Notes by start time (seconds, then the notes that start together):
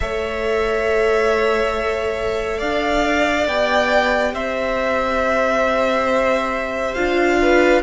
0.00 A3 A4 C#5 E5
2.57 D4 D5 F5
3.47 B3 G4 G5
4.33 C4 C5 E5
6.94 D4 F4 F5
7.41 B4